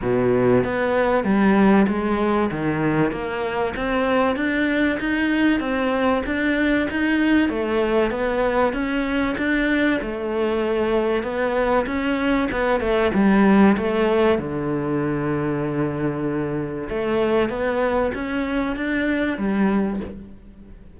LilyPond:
\new Staff \with { instrumentName = "cello" } { \time 4/4 \tempo 4 = 96 b,4 b4 g4 gis4 | dis4 ais4 c'4 d'4 | dis'4 c'4 d'4 dis'4 | a4 b4 cis'4 d'4 |
a2 b4 cis'4 | b8 a8 g4 a4 d4~ | d2. a4 | b4 cis'4 d'4 g4 | }